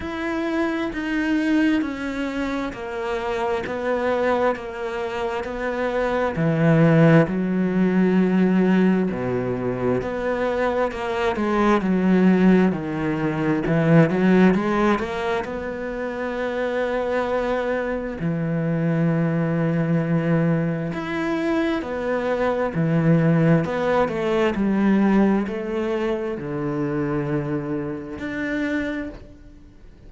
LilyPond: \new Staff \with { instrumentName = "cello" } { \time 4/4 \tempo 4 = 66 e'4 dis'4 cis'4 ais4 | b4 ais4 b4 e4 | fis2 b,4 b4 | ais8 gis8 fis4 dis4 e8 fis8 |
gis8 ais8 b2. | e2. e'4 | b4 e4 b8 a8 g4 | a4 d2 d'4 | }